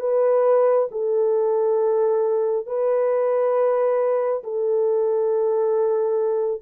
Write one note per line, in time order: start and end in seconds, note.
0.00 0.88 B4
0.91 2.66 A4
2.66 4.43 B4
4.43 6.61 A4